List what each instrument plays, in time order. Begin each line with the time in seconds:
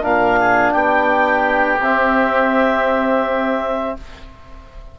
0.00 bassoon A#2, trombone D4, oboe A#4, clarinet F5
0.40 oboe G#4
0.72 bassoon B3, oboe G4, clarinet G5
1.79 bassoon C4, trombone C4, clarinet E5